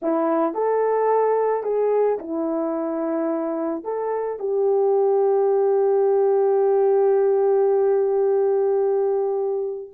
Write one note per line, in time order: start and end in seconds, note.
0.02 0.54 E4
0.54 1.63 A4
1.63 2.18 G#4
2.18 3.84 E4
3.84 4.39 A4
4.39 9.89 G4